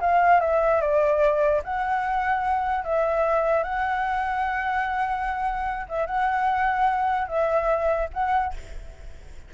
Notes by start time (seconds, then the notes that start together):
0.00 F5
0.40 E5
0.81 D5
1.64 F#5
2.84 E5
3.63 F#5
5.89 E5
6.06 F#5
7.28 E5
8.13 F#5